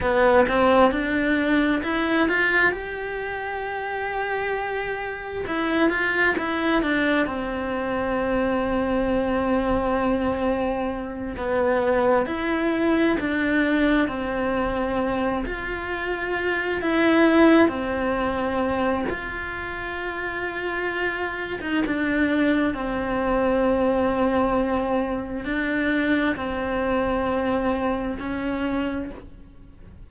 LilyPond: \new Staff \with { instrumentName = "cello" } { \time 4/4 \tempo 4 = 66 b8 c'8 d'4 e'8 f'8 g'4~ | g'2 e'8 f'8 e'8 d'8 | c'1~ | c'8 b4 e'4 d'4 c'8~ |
c'4 f'4. e'4 c'8~ | c'4 f'2~ f'8. dis'16 | d'4 c'2. | d'4 c'2 cis'4 | }